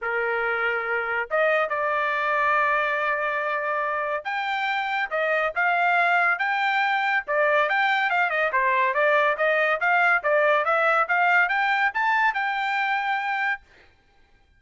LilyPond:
\new Staff \with { instrumentName = "trumpet" } { \time 4/4 \tempo 4 = 141 ais'2. dis''4 | d''1~ | d''2 g''2 | dis''4 f''2 g''4~ |
g''4 d''4 g''4 f''8 dis''8 | c''4 d''4 dis''4 f''4 | d''4 e''4 f''4 g''4 | a''4 g''2. | }